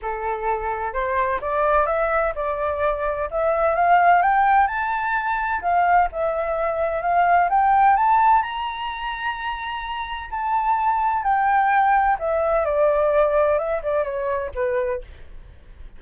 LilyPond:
\new Staff \with { instrumentName = "flute" } { \time 4/4 \tempo 4 = 128 a'2 c''4 d''4 | e''4 d''2 e''4 | f''4 g''4 a''2 | f''4 e''2 f''4 |
g''4 a''4 ais''2~ | ais''2 a''2 | g''2 e''4 d''4~ | d''4 e''8 d''8 cis''4 b'4 | }